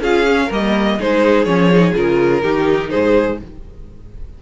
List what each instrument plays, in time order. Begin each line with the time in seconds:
0.00 cello C#4, viola F4, violin G#4 F5
0.27 viola C#4
0.46 cello G3, viola A#3, violin A#4
0.53 violin D#5
0.99 cello G#3, viola D#4, violin G#4 C5
1.44 cello F3, viola C#4, violin C#5
1.72 viola D#4
1.95 cello C#3, viola F4, violin A#4
2.41 cello D#3, viola D#4, violin G4
2.90 cello G#2, violin G#4 C5